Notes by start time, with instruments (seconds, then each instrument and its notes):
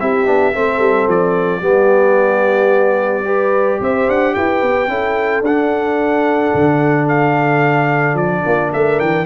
0.00 tuba C4, trombone E4, horn G4, trumpet E5
0.25 tuba B3, trombone D4
0.53 tuba A3, trombone C4, horn A4
0.80 tuba G3
1.08 tuba F3, trumpet D5
1.60 tuba G3, trombone B3, horn G4
3.25 trombone G4, horn B4
3.80 tuba C4, horn C5, trumpet E5
4.08 tuba D4, trumpet F#5
4.34 tuba E4, horn B4, trumpet G5
4.62 tuba B3
4.88 tuba C#4, trombone E4, horn A4
5.41 tuba D4, trombone D4, trumpet F#5
6.54 tuba D3
7.09 trumpet F5
8.14 tuba F3, trumpet D5
8.44 tuba A#3, horn F4
8.73 tuba A3, horn A#4, trumpet E5
9.00 tuba E3, trumpet G5